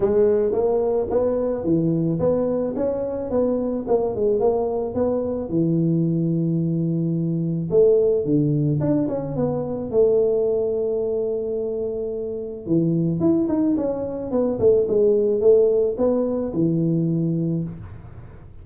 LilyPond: \new Staff \with { instrumentName = "tuba" } { \time 4/4 \tempo 4 = 109 gis4 ais4 b4 e4 | b4 cis'4 b4 ais8 gis8 | ais4 b4 e2~ | e2 a4 d4 |
d'8 cis'8 b4 a2~ | a2. e4 | e'8 dis'8 cis'4 b8 a8 gis4 | a4 b4 e2 | }